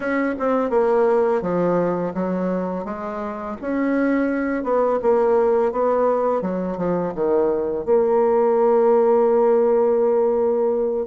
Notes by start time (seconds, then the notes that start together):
0.00 C#4
0.39 C4
0.69 A#3
1.41 F3
2.14 F#3
2.84 G#3
3.61 C#4
4.63 B3
5.02 A#3
5.71 B3
6.41 F#3
6.77 F3
7.15 D#3
7.85 A#3